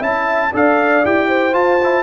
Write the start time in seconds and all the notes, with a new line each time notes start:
0.00 C#4 E4 E5 A5
0.52 D4 A4 D5 F5
1.04 E4 G4 G5
1.28 C5
1.52 F4 A5
1.83 E4